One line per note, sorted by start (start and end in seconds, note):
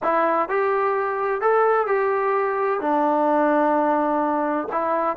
0.02 0.48 E4
0.48 1.41 G4
1.41 1.86 A4
1.86 2.80 G4
2.80 4.68 D4
4.72 5.16 E4